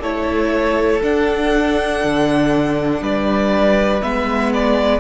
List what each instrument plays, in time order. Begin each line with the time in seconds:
0.00 cello A3, viola E4, violin A4 C#5
1.02 viola D4, cello D4, violin F#5
2.04 cello D3
3.01 cello G3, violin B4 D5
4.01 cello G#3, viola B3, violin E5
4.54 violin D5